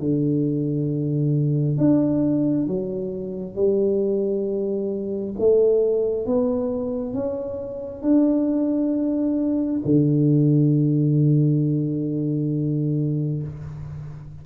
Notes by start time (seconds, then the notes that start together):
0.00 D3
1.78 D4
2.68 F#3
3.56 G3
5.39 A3
6.26 B3
7.14 C#4
8.03 D4
9.85 D3